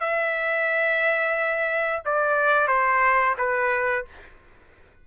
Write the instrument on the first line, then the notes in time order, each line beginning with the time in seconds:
trumpet
0.00 E5
2.06 D5
2.68 C5
3.38 B4